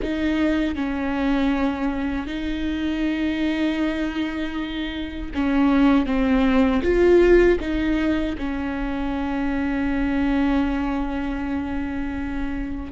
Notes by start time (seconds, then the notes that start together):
0.01 D#4
0.75 C#4
2.26 D#4
5.34 C#4
6.06 C4
6.83 F4
7.59 D#4
8.38 C#4